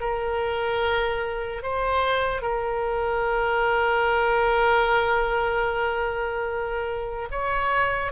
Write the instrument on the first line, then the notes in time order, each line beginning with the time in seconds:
oboe
0.00 A#4
1.62 C5
2.42 A#4
7.31 C#5